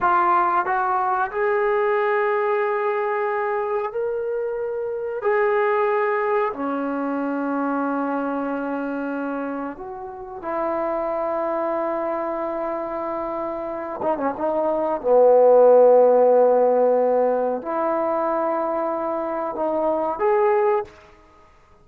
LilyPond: \new Staff \with { instrumentName = "trombone" } { \time 4/4 \tempo 4 = 92 f'4 fis'4 gis'2~ | gis'2 ais'2 | gis'2 cis'2~ | cis'2. fis'4 |
e'1~ | e'4. dis'16 cis'16 dis'4 b4~ | b2. e'4~ | e'2 dis'4 gis'4 | }